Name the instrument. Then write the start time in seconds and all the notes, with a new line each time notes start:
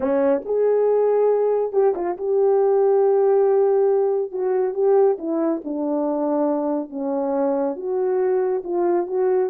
horn
0.00 C#4
0.45 G#4
1.72 G4
1.95 F4
2.17 G4
4.31 F#4
4.73 G4
5.18 E4
5.64 D4
6.89 C#4
7.76 F#4
8.64 F4
9.06 F#4